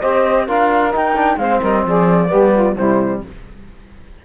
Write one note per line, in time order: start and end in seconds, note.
0.00 0.48 C4
0.00 0.47 G4
0.00 0.46 C5
0.00 0.46 D#5
0.46 0.94 D4
0.46 0.91 F4
0.46 1.37 A#4
0.46 0.93 F5
0.91 1.14 D#4
0.91 1.37 D#4
0.91 1.38 G5
1.15 1.38 D4
1.37 1.59 G#3
1.37 2.28 C4
1.37 1.60 C5
1.37 1.61 F5
1.60 1.85 G3
1.60 1.83 A#4
1.60 1.85 D#5
1.85 2.31 F3
1.85 2.29 G#4
1.85 2.76 D5
2.28 2.76 G3
2.28 2.74 B3
2.28 2.52 G4
2.53 2.75 F4
2.75 3.21 C3
2.75 3.24 G3
2.75 3.21 E4
2.75 3.22 C5